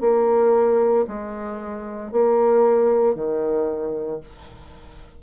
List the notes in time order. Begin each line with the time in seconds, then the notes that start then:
0.00 A#3
1.07 G#3
2.11 A#3
3.14 D#3